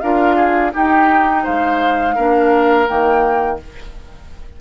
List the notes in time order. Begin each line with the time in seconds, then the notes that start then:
0.00 D4 F4 A#4 F5
0.35 G#4
0.72 D#4 G4 G5
1.43 G#3 C5 F5
2.15 A#3 D4 A#4
2.86 D#3 A#3 G5